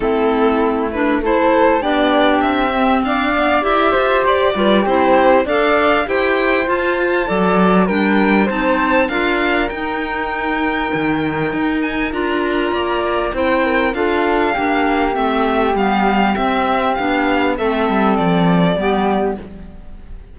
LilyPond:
<<
  \new Staff \with { instrumentName = "violin" } { \time 4/4 \tempo 4 = 99 a'4. b'8 c''4 d''4 | e''4 f''4 e''4 d''4 | c''4 f''4 g''4 a''4~ | a''4 g''4 a''4 f''4 |
g''2.~ g''8 gis''8 | ais''2 g''4 f''4~ | f''4 e''4 f''4 e''4 | f''4 e''4 d''2 | }
  \new Staff \with { instrumentName = "flute" } { \time 4/4 e'2 a'4 g'4~ | g'4 d''4. c''4 b'8 | g'4 d''4 c''2 | d''4 ais'4 c''4 ais'4~ |
ais'1~ | ais'4 d''4 c''8 ais'8 a'4 | g'1~ | g'4 a'2 g'4 | }
  \new Staff \with { instrumentName = "clarinet" } { \time 4/4 c'4. d'8 e'4 d'4~ | d'8 c'4 b8 g'4. f'8 | e'4 a'4 g'4 f'4 | a'4 d'4 dis'4 f'4 |
dis'1 | f'2 e'4 f'4 | d'4 c'4 b4 c'4 | d'4 c'2 b4 | }
  \new Staff \with { instrumentName = "cello" } { \time 4/4 a2. b4 | c'4 d'4 e'8 f'8 g'8 g8 | c'4 d'4 e'4 f'4 | fis4 g4 c'4 d'4 |
dis'2 dis4 dis'4 | d'4 ais4 c'4 d'4 | ais4 a4 g4 c'4 | b4 a8 g8 f4 g4 | }
>>